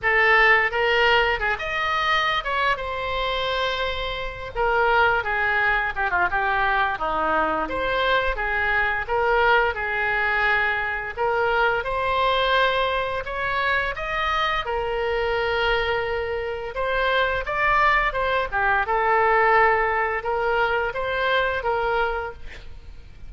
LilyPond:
\new Staff \with { instrumentName = "oboe" } { \time 4/4 \tempo 4 = 86 a'4 ais'4 gis'16 dis''4~ dis''16 cis''8 | c''2~ c''8 ais'4 gis'8~ | gis'8 g'16 f'16 g'4 dis'4 c''4 | gis'4 ais'4 gis'2 |
ais'4 c''2 cis''4 | dis''4 ais'2. | c''4 d''4 c''8 g'8 a'4~ | a'4 ais'4 c''4 ais'4 | }